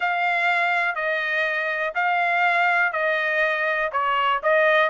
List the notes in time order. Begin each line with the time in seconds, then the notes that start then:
0.00 F5
0.95 D#5
1.94 F5
2.92 D#5
3.91 C#5
4.42 D#5